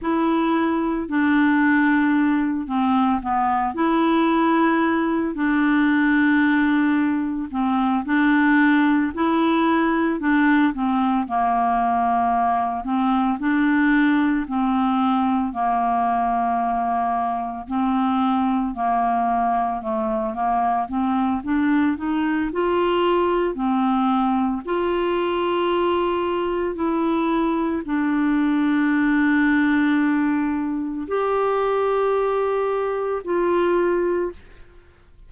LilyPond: \new Staff \with { instrumentName = "clarinet" } { \time 4/4 \tempo 4 = 56 e'4 d'4. c'8 b8 e'8~ | e'4 d'2 c'8 d'8~ | d'8 e'4 d'8 c'8 ais4. | c'8 d'4 c'4 ais4.~ |
ais8 c'4 ais4 a8 ais8 c'8 | d'8 dis'8 f'4 c'4 f'4~ | f'4 e'4 d'2~ | d'4 g'2 f'4 | }